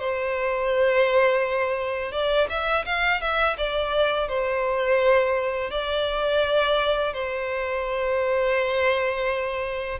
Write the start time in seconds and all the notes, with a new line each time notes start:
0.00 C5
2.12 D5
2.50 E5
2.86 F5
3.21 E5
3.58 D5
4.29 C5
5.71 D5
7.14 C5